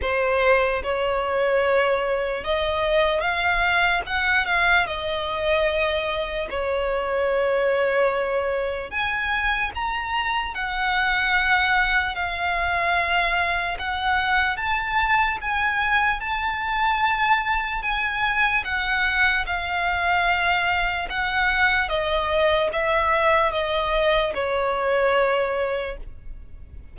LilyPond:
\new Staff \with { instrumentName = "violin" } { \time 4/4 \tempo 4 = 74 c''4 cis''2 dis''4 | f''4 fis''8 f''8 dis''2 | cis''2. gis''4 | ais''4 fis''2 f''4~ |
f''4 fis''4 a''4 gis''4 | a''2 gis''4 fis''4 | f''2 fis''4 dis''4 | e''4 dis''4 cis''2 | }